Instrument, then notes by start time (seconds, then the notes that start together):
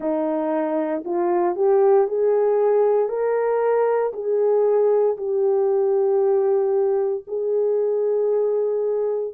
horn
0.00 D#4
1.04 F4
1.55 G4
2.07 G#4
3.08 A#4
4.13 G#4
5.17 G4
7.27 G#4